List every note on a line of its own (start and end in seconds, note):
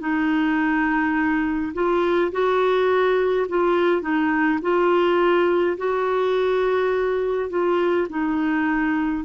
0.00 1.73 D#4
1.74 2.31 F4
2.32 3.47 F#4
3.49 4.02 F4
4.02 4.59 D#4
4.62 5.77 F4
5.77 7.50 F#4
7.50 8.08 F4
8.10 9.25 D#4